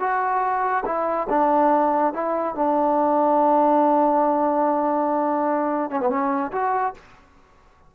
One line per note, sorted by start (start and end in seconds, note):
0.00 0.84 F#4
0.85 1.27 E4
1.30 2.13 D4
2.13 2.55 E4
2.55 5.91 D4
5.91 6.00 C#4
6.00 6.10 B3
6.10 6.51 C#4
6.52 6.94 F#4